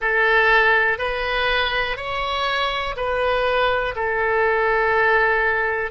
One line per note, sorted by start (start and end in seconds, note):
0.01 0.98 A4
0.98 1.97 B4
1.97 2.95 C#5
2.96 3.94 B4
3.95 5.91 A4